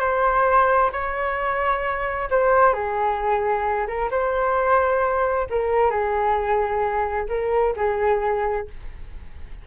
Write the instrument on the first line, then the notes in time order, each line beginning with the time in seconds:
flute
0.00 C5
0.93 C#5
2.31 C5
2.74 G#4
3.87 A#4
4.11 C5
5.50 A#4
5.90 G#4
7.29 A#4
7.77 G#4